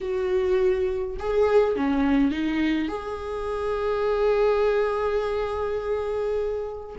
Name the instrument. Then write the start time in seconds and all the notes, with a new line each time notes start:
viola
0.00 F#4
1.19 G#4
1.76 C#4
2.31 D#4
2.88 G#4